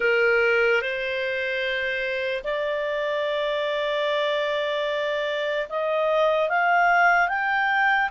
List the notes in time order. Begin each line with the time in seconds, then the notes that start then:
0.00 A#4
0.81 C5
2.43 D5
5.69 D#5
6.49 F5
7.28 G5